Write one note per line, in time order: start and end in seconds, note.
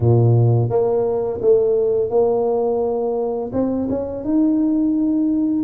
0.00 0.69 A#2
0.69 1.40 A#3
1.41 2.10 A3
2.10 3.51 A#3
3.53 3.88 C4
3.89 4.24 C#4
4.24 5.63 D#4